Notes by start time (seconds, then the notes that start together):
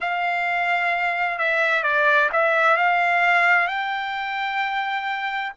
0.00 F5
1.38 E5
1.83 D5
2.32 E5
2.77 F5
3.67 G5